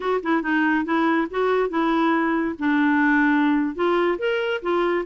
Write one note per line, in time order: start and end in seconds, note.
0.00 0.21 F#4
0.22 0.42 E4
0.42 0.85 D#4
0.85 1.27 E4
1.30 1.69 F#4
1.69 2.55 E4
2.58 3.75 D4
3.75 4.18 F4
4.18 4.61 A#4
4.62 5.05 F4